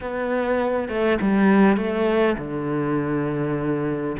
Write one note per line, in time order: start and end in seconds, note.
0.00 0.88 B3
0.88 1.18 A3
1.21 1.77 G3
1.77 2.36 A3
2.38 4.16 D3